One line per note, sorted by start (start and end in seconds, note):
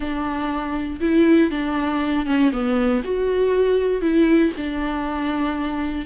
0.00 1.00 D4
1.00 1.50 E4
1.51 2.26 D4
2.26 2.51 C#4
2.52 3.03 B3
3.03 4.01 F#4
4.01 4.52 E4
4.57 6.05 D4